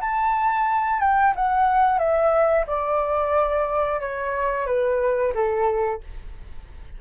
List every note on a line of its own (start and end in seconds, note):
0.00 1.00 A5
1.00 1.33 G5
1.35 1.98 F#5
1.98 2.65 E5
2.67 4.00 D5
4.00 4.66 C#5
4.66 5.33 B4
5.34 6.01 A4